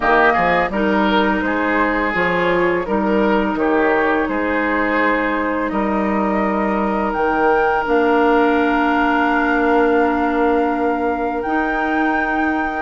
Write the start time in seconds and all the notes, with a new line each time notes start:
0.00 D#3 A#3 G4 D#5
0.33 F3 G#4
0.69 G3 D#4 A#4
1.41 G#3 G#4 C5
2.13 F3 F4 C#5
2.85 G3 D#4 A#4
3.54 D#3 G4 C#5
4.28 G#3 G#4 C5
5.69 G3 A#4 D#5
7.12 D#3 G5
7.85 A#3 D4 F5
11.42 D#4 G5